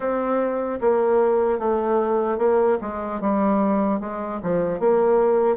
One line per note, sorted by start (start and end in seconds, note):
0.00 0.79 C4
0.80 1.58 A#3
1.58 2.38 A3
2.38 2.78 A#3
2.81 3.20 G#3
3.20 4.00 G3
4.00 4.40 G#3
4.42 4.79 F3
4.79 5.56 A#3